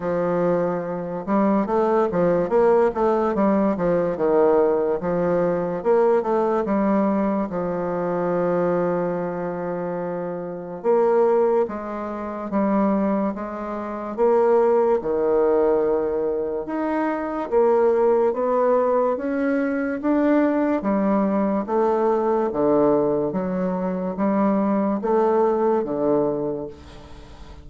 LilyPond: \new Staff \with { instrumentName = "bassoon" } { \time 4/4 \tempo 4 = 72 f4. g8 a8 f8 ais8 a8 | g8 f8 dis4 f4 ais8 a8 | g4 f2.~ | f4 ais4 gis4 g4 |
gis4 ais4 dis2 | dis'4 ais4 b4 cis'4 | d'4 g4 a4 d4 | fis4 g4 a4 d4 | }